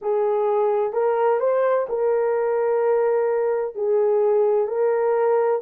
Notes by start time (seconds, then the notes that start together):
0.01 G#4
0.93 A#4
1.40 C5
1.88 A#4
3.75 G#4
4.67 A#4